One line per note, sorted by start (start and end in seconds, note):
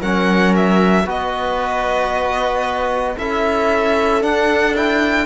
0.00 1.06 F#3
0.00 1.06 C#4
0.00 1.05 A#4
0.00 0.55 F#5
0.57 1.09 E5
1.06 3.16 B3
1.06 3.17 F#4
1.06 3.17 B4
1.06 3.18 D#5
3.18 4.24 C#4
3.18 4.21 E4
3.18 5.27 A4
3.18 4.23 E5
4.21 4.74 D4
4.21 5.27 D4
4.21 4.76 F#5
4.76 5.27 E4
4.76 5.27 G5